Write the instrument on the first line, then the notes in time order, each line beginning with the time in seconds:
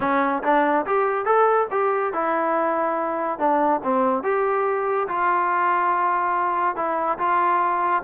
trombone
0.00 C#4
0.43 D4
0.86 G4
1.25 A4
1.70 G4
2.13 E4
3.38 D4
3.83 C4
4.23 G4
5.08 F4
6.75 E4
7.18 F4